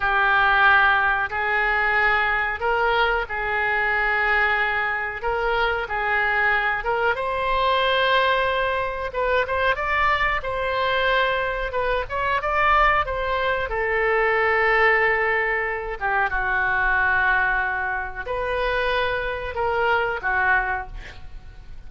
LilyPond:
\new Staff \with { instrumentName = "oboe" } { \time 4/4 \tempo 4 = 92 g'2 gis'2 | ais'4 gis'2. | ais'4 gis'4. ais'8 c''4~ | c''2 b'8 c''8 d''4 |
c''2 b'8 cis''8 d''4 | c''4 a'2.~ | a'8 g'8 fis'2. | b'2 ais'4 fis'4 | }